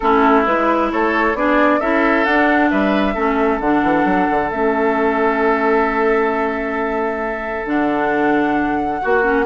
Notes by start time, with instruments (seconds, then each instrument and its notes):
0.00 bassoon A3, clarinet C#4, oboe E4, flute A4
0.45 bassoon G#3, clarinet E4, flute B4
0.92 bassoon A3, oboe A4, flute C#5
1.34 bassoon B3, clarinet D4, oboe G#4, flute D5
1.80 bassoon C#4, clarinet E4, oboe A4, flute E5
2.24 bassoon D4, clarinet D4, flute F#5
2.70 bassoon G3, oboe B4, flute E5
3.14 bassoon A3, clarinet C#4, oboe A4
3.60 bassoon D3, clarinet D4, flute F#5
3.82 bassoon E3
4.04 bassoon F#3
4.30 bassoon D3
4.50 bassoon A3, clarinet C#4, flute E5
7.65 bassoon D3, clarinet D4, flute F#5
9.01 bassoon A#3, oboe F#4, clarinet F#4
9.22 clarinet C#4